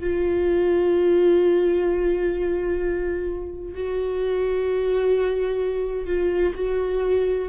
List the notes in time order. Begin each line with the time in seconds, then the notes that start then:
0.00 F4
3.75 F#4
6.06 F4
6.55 F#4